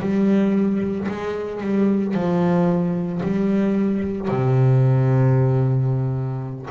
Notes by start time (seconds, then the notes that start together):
0.00 G3
1.08 G#3
1.61 G3
2.14 F3
3.22 G3
4.28 C3